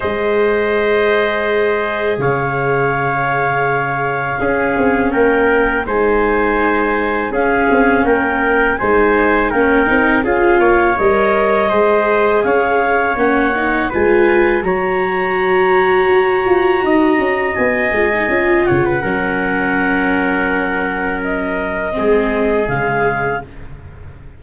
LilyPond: <<
  \new Staff \with { instrumentName = "clarinet" } { \time 4/4 \tempo 4 = 82 dis''2. f''4~ | f''2. g''4 | gis''2 f''4 g''4 | gis''4 g''4 f''4 dis''4~ |
dis''4 f''4 fis''4 gis''4 | ais''1 | gis''4. fis''2~ fis''8~ | fis''4 dis''2 f''4 | }
  \new Staff \with { instrumentName = "trumpet" } { \time 4/4 c''2. cis''4~ | cis''2 gis'4 ais'4 | c''2 gis'4 ais'4 | c''4 ais'4 gis'8 cis''4. |
c''4 cis''2 b'4 | cis''2. dis''4~ | dis''4. cis''16 b'16 ais'2~ | ais'2 gis'2 | }
  \new Staff \with { instrumentName = "viola" } { \time 4/4 gis'1~ | gis'2 cis'2 | dis'2 cis'2 | dis'4 cis'8 dis'8 f'4 ais'4 |
gis'2 cis'8 dis'8 f'4 | fis'1~ | fis'8 f'16 dis'16 f'4 cis'2~ | cis'2 c'4 gis4 | }
  \new Staff \with { instrumentName = "tuba" } { \time 4/4 gis2. cis4~ | cis2 cis'8 c'8 ais4 | gis2 cis'8 c'8 ais4 | gis4 ais8 c'8 cis'8 ais8 g4 |
gis4 cis'4 ais4 gis4 | fis2 fis'8 f'8 dis'8 cis'8 | b8 gis8 cis'8 cis8 fis2~ | fis2 gis4 cis4 | }
>>